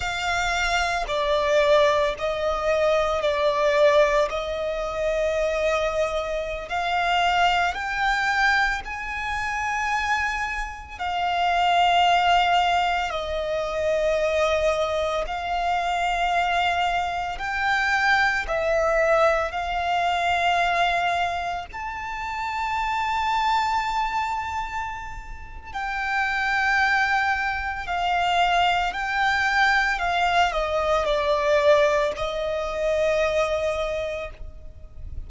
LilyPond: \new Staff \with { instrumentName = "violin" } { \time 4/4 \tempo 4 = 56 f''4 d''4 dis''4 d''4 | dis''2~ dis''16 f''4 g''8.~ | g''16 gis''2 f''4.~ f''16~ | f''16 dis''2 f''4.~ f''16~ |
f''16 g''4 e''4 f''4.~ f''16~ | f''16 a''2.~ a''8. | g''2 f''4 g''4 | f''8 dis''8 d''4 dis''2 | }